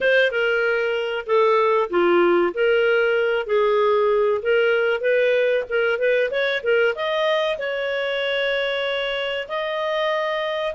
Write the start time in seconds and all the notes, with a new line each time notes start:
0.00 C5
0.31 A#4
1.26 A4
1.89 F4
2.53 A#4
3.46 G#4
4.42 A#4
5.01 B4
5.69 A#4
5.99 B4
6.30 C#5
6.63 A#4
6.95 D#5
7.58 C#5
9.48 D#5